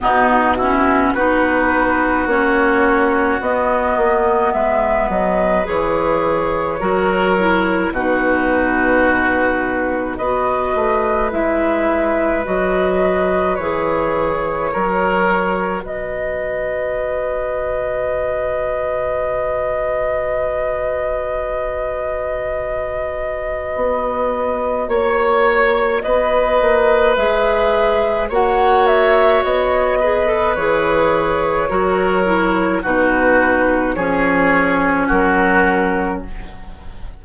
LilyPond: <<
  \new Staff \with { instrumentName = "flute" } { \time 4/4 \tempo 4 = 53 fis'4 b'4 cis''4 dis''4 | e''8 dis''8 cis''2 b'4~ | b'4 dis''4 e''4 dis''4 | cis''2 dis''2~ |
dis''1~ | dis''2 cis''4 dis''4 | e''4 fis''8 e''8 dis''4 cis''4~ | cis''4 b'4 cis''4 ais'4 | }
  \new Staff \with { instrumentName = "oboe" } { \time 4/4 dis'8 e'8 fis'2. | b'2 ais'4 fis'4~ | fis'4 b'2.~ | b'4 ais'4 b'2~ |
b'1~ | b'2 cis''4 b'4~ | b'4 cis''4. b'4. | ais'4 fis'4 gis'4 fis'4 | }
  \new Staff \with { instrumentName = "clarinet" } { \time 4/4 b8 cis'8 dis'4 cis'4 b4~ | b4 gis'4 fis'8 e'8 dis'4~ | dis'4 fis'4 e'4 fis'4 | gis'4 fis'2.~ |
fis'1~ | fis'1 | gis'4 fis'4. gis'16 a'16 gis'4 | fis'8 e'8 dis'4 cis'2 | }
  \new Staff \with { instrumentName = "bassoon" } { \time 4/4 b,4 b4 ais4 b8 ais8 | gis8 fis8 e4 fis4 b,4~ | b,4 b8 a8 gis4 fis4 | e4 fis4 b,2~ |
b,1~ | b,4 b4 ais4 b8 ais8 | gis4 ais4 b4 e4 | fis4 b,4 f4 fis4 | }
>>